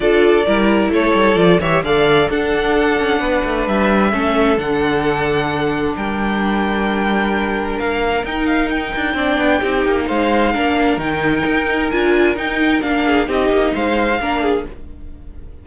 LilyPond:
<<
  \new Staff \with { instrumentName = "violin" } { \time 4/4 \tempo 4 = 131 d''2 cis''4 d''8 e''8 | f''4 fis''2. | e''2 fis''2~ | fis''4 g''2.~ |
g''4 f''4 g''8 f''8 g''4~ | g''2 f''2 | g''2 gis''4 g''4 | f''4 dis''4 f''2 | }
  \new Staff \with { instrumentName = "violin" } { \time 4/4 a'4 ais'4 a'4. cis''8 | d''4 a'2 b'4~ | b'4 a'2.~ | a'4 ais'2.~ |
ais'1 | d''4 g'4 c''4 ais'4~ | ais'1~ | ais'8 gis'8 g'4 c''4 ais'8 gis'8 | }
  \new Staff \with { instrumentName = "viola" } { \time 4/4 f'4 e'2 f'8 g'8 | a'4 d'2.~ | d'4 cis'4 d'2~ | d'1~ |
d'2 dis'2 | d'4 dis'2 d'4 | dis'2 f'4 dis'4 | d'4 dis'2 d'4 | }
  \new Staff \with { instrumentName = "cello" } { \time 4/4 d'4 g4 a8 g8 f8 e8 | d4 d'4. cis'8 b8 a8 | g4 a4 d2~ | d4 g2.~ |
g4 ais4 dis'4. d'8 | c'8 b8 c'8 ais8 gis4 ais4 | dis4 dis'4 d'4 dis'4 | ais4 c'8 ais8 gis4 ais4 | }
>>